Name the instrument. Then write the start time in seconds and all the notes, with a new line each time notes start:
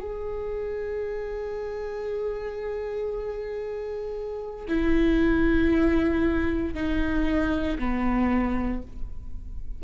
viola
0.00 G#4
4.68 E4
6.74 D#4
7.79 B3